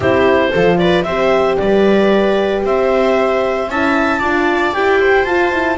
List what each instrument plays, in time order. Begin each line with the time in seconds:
0.00 double bass C4, horn E4, viola G4, clarinet C5
0.51 double bass F3, horn F4, viola A4
0.78 viola B4, clarinet D5
1.03 double bass C4, horn G4, viola C5, clarinet E5
1.57 double bass G3, viola B4, clarinet D5
2.63 double bass C4, viola C5, clarinet E5
3.68 double bass C#4, horn E4, viola E5, clarinet A5
4.19 double bass D4, horn F4, viola D5
4.73 double bass E4, horn G4, clarinet G5
4.99 viola C5
5.24 horn F4, double bass F4, clarinet A5
5.52 horn E4